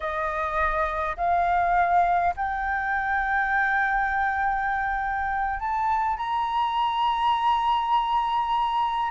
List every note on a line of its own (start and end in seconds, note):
0.00 1.16 D#5
1.16 2.34 F5
2.36 5.59 G5
5.59 6.17 A5
6.17 9.10 A#5